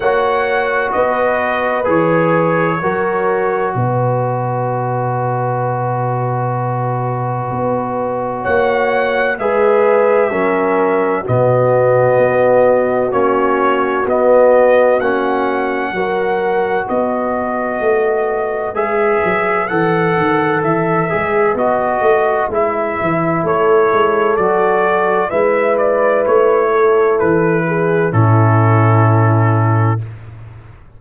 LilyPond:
<<
  \new Staff \with { instrumentName = "trumpet" } { \time 4/4 \tempo 4 = 64 fis''4 dis''4 cis''2 | dis''1~ | dis''4 fis''4 e''2 | dis''2 cis''4 dis''4 |
fis''2 dis''2 | e''4 fis''4 e''4 dis''4 | e''4 cis''4 d''4 e''8 d''8 | cis''4 b'4 a'2 | }
  \new Staff \with { instrumentName = "horn" } { \time 4/4 cis''4 b'2 ais'4 | b'1~ | b'4 cis''4 b'4 ais'4 | fis'1~ |
fis'4 ais'4 b'2~ | b'1~ | b'4 a'2 b'4~ | b'8 a'4 gis'8 e'2 | }
  \new Staff \with { instrumentName = "trombone" } { \time 4/4 fis'2 gis'4 fis'4~ | fis'1~ | fis'2 gis'4 cis'4 | b2 cis'4 b4 |
cis'4 fis'2. | gis'4 a'4. gis'8 fis'4 | e'2 fis'4 e'4~ | e'2 cis'2 | }
  \new Staff \with { instrumentName = "tuba" } { \time 4/4 ais4 b4 e4 fis4 | b,1 | b4 ais4 gis4 fis4 | b,4 b4 ais4 b4 |
ais4 fis4 b4 a4 | gis8 fis8 e8 dis8 e8 gis8 b8 a8 | gis8 e8 a8 gis8 fis4 gis4 | a4 e4 a,2 | }
>>